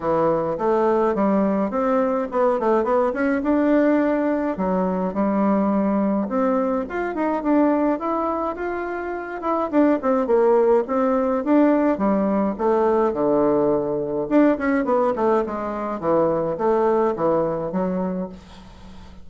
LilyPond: \new Staff \with { instrumentName = "bassoon" } { \time 4/4 \tempo 4 = 105 e4 a4 g4 c'4 | b8 a8 b8 cis'8 d'2 | fis4 g2 c'4 | f'8 dis'8 d'4 e'4 f'4~ |
f'8 e'8 d'8 c'8 ais4 c'4 | d'4 g4 a4 d4~ | d4 d'8 cis'8 b8 a8 gis4 | e4 a4 e4 fis4 | }